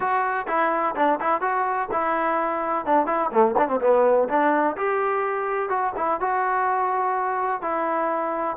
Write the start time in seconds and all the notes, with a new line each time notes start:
0.00 F#4
0.47 E4
0.95 D4
1.20 E4
1.41 F#4
1.91 E4
2.85 D4
3.06 E4
3.31 A3
3.57 D4
3.68 C4
3.80 B3
4.28 D4
4.76 G4
5.69 F#4
5.97 E4
6.20 F#4
7.61 E4